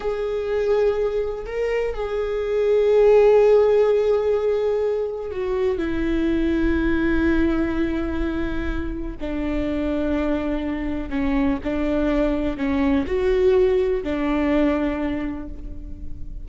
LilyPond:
\new Staff \with { instrumentName = "viola" } { \time 4/4 \tempo 4 = 124 gis'2. ais'4 | gis'1~ | gis'2. fis'4 | e'1~ |
e'2. d'4~ | d'2. cis'4 | d'2 cis'4 fis'4~ | fis'4 d'2. | }